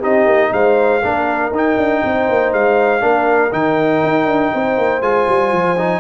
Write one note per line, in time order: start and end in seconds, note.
0.00 0.26 C4
0.00 1.02 D#4
0.00 0.50 G4
0.00 0.53 D#5
0.26 0.51 A#3
0.53 1.03 G#3
0.53 1.02 C5
0.53 1.53 F5
1.02 1.51 A#3
1.02 1.52 D4
1.02 2.02 A#4
1.51 1.76 D#4
1.51 3.01 D#4
1.57 2.53 G5
1.77 2.02 D4
2.04 2.29 C4
2.04 3.03 C5
2.29 2.53 A#3
2.53 3.02 G#3
2.53 3.53 F5
3.01 3.52 A#3
3.01 3.51 D4
3.01 4.53 A#4
3.52 4.03 D#3
3.52 5.02 D#4
3.52 5.02 G5
4.04 4.26 D#4
4.26 4.51 D4
4.54 4.78 C4
4.54 6.01 C5
4.78 5.01 A#3
5.01 5.26 G#3
5.01 5.77 F4
5.01 6.01 G#5
5.28 5.53 G3
5.53 6.01 F3
5.78 6.01 D#4